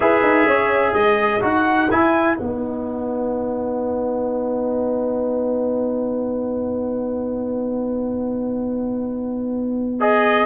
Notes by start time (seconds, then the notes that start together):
0.00 E4 G#4 B4 E5
0.22 D#4
0.45 C#4 C#5
0.93 G#3 B4 D#5
1.40 D#4 F#4 F#5
1.90 E4 G#5
2.37 B3 D#4 F#5
10.00 G#4 D#5